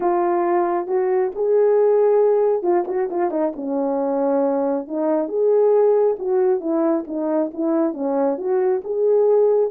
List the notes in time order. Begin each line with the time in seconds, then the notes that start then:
0.00 F4
0.87 F#4
1.35 G#4
2.62 F4
2.87 F#4
3.10 F4
3.30 D#4
3.55 C#4
4.87 D#4
5.28 G#4
6.19 F#4
6.60 E4
7.07 D#4
7.53 E4
7.93 C#4
8.37 F#4
8.84 G#4